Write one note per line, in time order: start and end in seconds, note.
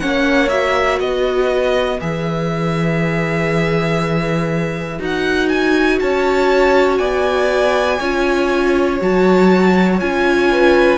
0.00 1.00 A#3
0.00 0.49 C#4
0.00 1.02 C#5
0.00 0.49 F#5
0.49 1.99 F#4
0.49 0.99 E5
1.00 2.00 B3
1.00 6.02 B4
1.00 2.00 D#5
2.00 4.99 E3
2.00 4.99 G#4
2.00 5.01 E5
4.99 5.99 D#4
4.99 7.99 F#4
4.99 5.49 F#5
5.49 5.99 G#5
6.00 7.00 C#4
6.00 7.00 C#5
6.00 6.98 A5
6.98 8.00 B3
6.98 7.99 D5
6.98 8.98 G#5
7.99 9.00 C#4
7.99 9.00 F4
7.99 10.49 C#5
9.00 10.01 F#3
9.00 10.00 F#4
9.00 10.00 A5
10.00 10.98 C#4
10.00 10.98 F4
10.00 10.98 G#5
10.51 10.98 B4